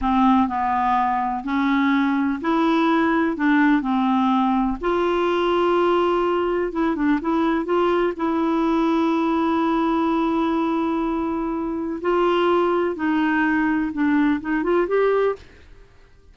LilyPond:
\new Staff \with { instrumentName = "clarinet" } { \time 4/4 \tempo 4 = 125 c'4 b2 cis'4~ | cis'4 e'2 d'4 | c'2 f'2~ | f'2 e'8 d'8 e'4 |
f'4 e'2.~ | e'1~ | e'4 f'2 dis'4~ | dis'4 d'4 dis'8 f'8 g'4 | }